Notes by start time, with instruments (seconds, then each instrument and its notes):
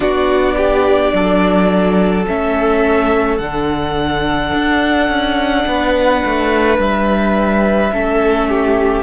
0.00 cello B3, viola D4, violin F#4 D5
0.56 violin G4
1.13 cello F#3, violin A4
2.27 cello A3, viola C#4, violin E5
3.37 cello D3, viola D4, violin F#5
4.54 cello D4
5.08 cello C#4
5.67 cello B3, violin B4
6.25 cello A3
6.78 cello G3, violin E5
7.91 cello A3, viola C#4, violin A4
8.49 violin G4